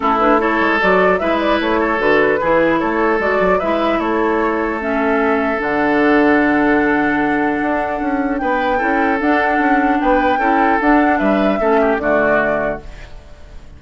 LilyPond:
<<
  \new Staff \with { instrumentName = "flute" } { \time 4/4 \tempo 4 = 150 a'8 b'8 cis''4 d''4 e''8 d''8 | cis''4 b'2 cis''4 | d''4 e''4 cis''2 | e''2 fis''2~ |
fis''1~ | fis''4 g''2 fis''4~ | fis''4 g''2 fis''4 | e''2 d''2 | }
  \new Staff \with { instrumentName = "oboe" } { \time 4/4 e'4 a'2 b'4~ | b'8 a'4. gis'4 a'4~ | a'4 b'4 a'2~ | a'1~ |
a'1~ | a'4 b'4 a'2~ | a'4 b'4 a'2 | b'4 a'8 g'8 fis'2 | }
  \new Staff \with { instrumentName = "clarinet" } { \time 4/4 cis'8 d'8 e'4 fis'4 e'4~ | e'4 fis'4 e'2 | fis'4 e'2. | cis'2 d'2~ |
d'1~ | d'2 e'4 d'4~ | d'2 e'4 d'4~ | d'4 cis'4 a2 | }
  \new Staff \with { instrumentName = "bassoon" } { \time 4/4 a4. gis8 fis4 gis4 | a4 d4 e4 a4 | gis8 fis8 gis4 a2~ | a2 d2~ |
d2. d'4 | cis'4 b4 cis'4 d'4 | cis'4 b4 cis'4 d'4 | g4 a4 d2 | }
>>